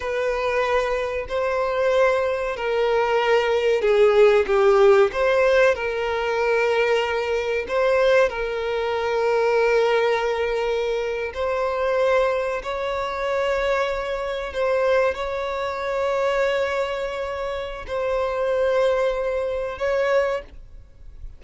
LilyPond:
\new Staff \with { instrumentName = "violin" } { \time 4/4 \tempo 4 = 94 b'2 c''2 | ais'2 gis'4 g'4 | c''4 ais'2. | c''4 ais'2.~ |
ais'4.~ ais'16 c''2 cis''16~ | cis''2~ cis''8. c''4 cis''16~ | cis''1 | c''2. cis''4 | }